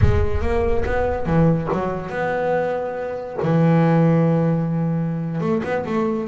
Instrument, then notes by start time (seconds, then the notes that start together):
double bass
0.01 G#3
0.41 A#3
0.85 B3
1.26 E3
1.72 F#3
2.09 B3
3.42 E3
5.40 A3
5.63 B3
5.85 A3